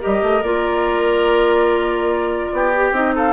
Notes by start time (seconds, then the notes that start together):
0.00 G3 G4 A#4 D#5
0.22 A3
0.42 A#3 F4 D5
2.52 B3 G4
2.76 G4
2.91 C4 D#4 D#5
3.15 A4 F5